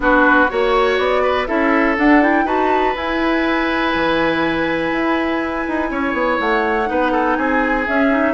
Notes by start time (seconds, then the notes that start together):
0.00 B3 D4 F#4 B4
0.49 A#3 F#4 C#5
0.97 B3 D5
1.22 B4
1.46 C#4 E4 A4 E5
1.97 D4 F#5
2.21 E4 G5
2.44 D#4 F#4 B4 A5
2.95 E4 G#5
3.95 E3
4.91 E4
5.68 D#4
5.90 C#4 C#5
6.13 B3
6.40 A3 F#5
6.86 B3 D#4 B4
7.12 A4
7.36 C4 G#4 G#5
7.86 C#4 E5
8.10 D#4